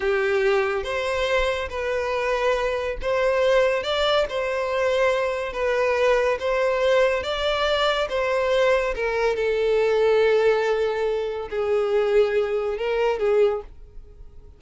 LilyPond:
\new Staff \with { instrumentName = "violin" } { \time 4/4 \tempo 4 = 141 g'2 c''2 | b'2. c''4~ | c''4 d''4 c''2~ | c''4 b'2 c''4~ |
c''4 d''2 c''4~ | c''4 ais'4 a'2~ | a'2. gis'4~ | gis'2 ais'4 gis'4 | }